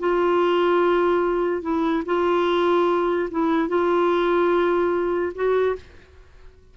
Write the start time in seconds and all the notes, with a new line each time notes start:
0.00 F4
1.63 E4
2.06 F4
3.31 E4
3.69 F4
5.35 F#4